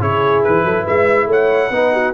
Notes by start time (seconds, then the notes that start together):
0.00 C#3 E4 G#4 C#5
0.43 E3 B4
0.64 F#3 A4
0.83 G#3 B4 E5
1.26 A3 C#5 F#5
1.70 B3 D#4 B4
1.92 F#4